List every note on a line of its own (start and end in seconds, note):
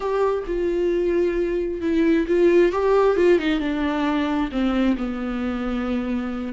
0.00 0.44 G4
0.46 1.81 F4
1.81 2.26 E4
2.27 2.72 F4
2.72 3.16 G4
3.16 3.38 F4
3.38 3.59 D#4
3.59 4.49 D4
4.51 4.96 C4
4.97 6.53 B3